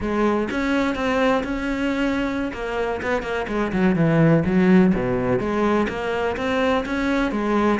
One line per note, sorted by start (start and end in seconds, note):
0.00 0.48 G#3
0.51 0.95 C#4
0.95 1.43 C4
1.43 2.51 C#4
2.53 3.01 A#3
3.02 3.22 B3
3.22 3.46 A#3
3.48 3.72 G#3
3.72 3.95 F#3
3.95 4.43 E3
4.45 4.93 F#3
4.94 5.39 B2
5.39 5.87 G#3
5.88 6.36 A#3
6.36 6.84 C4
6.85 7.31 C#4
7.31 7.79 G#3